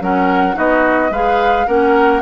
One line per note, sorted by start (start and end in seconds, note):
0.00 0.56 F#3
0.00 0.53 C#4
0.00 0.56 A#4
0.00 0.58 F#5
0.53 1.10 B3
0.53 1.09 D#4
0.53 1.11 F#4
0.53 1.13 D#5
1.10 1.66 G#3
1.10 1.67 G#4
1.10 1.67 B4
1.10 1.68 F5
1.67 2.22 A#3
1.67 2.22 C#4
1.67 2.22 A#4
1.67 2.22 F#5